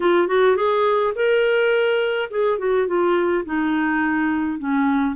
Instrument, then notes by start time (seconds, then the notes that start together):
clarinet
0.00 F4
0.27 F#4
0.56 G#4
1.15 A#4
2.30 G#4
2.58 F#4
2.87 F4
3.45 D#4
4.58 C#4